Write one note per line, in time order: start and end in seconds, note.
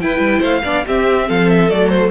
0.00 0.63 E4
0.00 0.18 E4
0.00 0.40 B4
0.00 0.43 G5
0.18 0.39 G3
0.40 0.62 A3
0.40 0.61 C5
0.40 0.86 F5
0.64 0.85 B3
0.64 0.85 D4
0.64 0.85 D5
0.86 1.70 C4
0.86 1.29 C4
0.86 1.28 G4
0.86 1.29 E5
1.28 1.71 F3
1.28 2.11 A4
1.28 1.49 F5
1.49 1.70 E5
1.70 2.11 F#3
1.70 2.11 A3
1.70 1.89 D5
1.89 2.10 C5